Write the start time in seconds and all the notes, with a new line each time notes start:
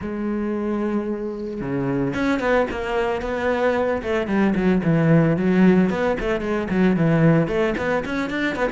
0.01 G#3
1.60 C#3
2.14 C#4
2.39 B3
2.71 A#3
3.21 B3
4.02 A3
4.27 G3
4.55 F#3
4.83 E3
5.36 F#3
5.90 B3
6.19 A3
6.40 G#3
6.70 F#3
6.96 E3
7.47 A3
7.77 B3
8.05 C#4
8.29 D4
8.55 B3